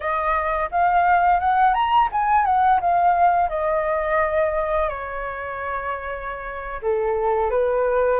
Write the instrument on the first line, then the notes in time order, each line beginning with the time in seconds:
flute
0.00 D#5
0.71 F5
1.39 F#5
1.74 A#5
2.12 G#5
2.45 F#5
2.80 F5
3.49 D#5
4.88 C#5
6.82 A4
7.50 B4